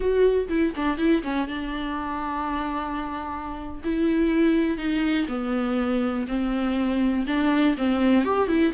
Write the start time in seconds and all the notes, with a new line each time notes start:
0.00 F#4
0.49 E4
0.76 D4
0.97 E4
1.23 C#4
1.47 D4
3.84 E4
4.77 D#4
5.28 B3
6.27 C4
7.26 D4
7.77 C4
8.24 G4
8.48 E4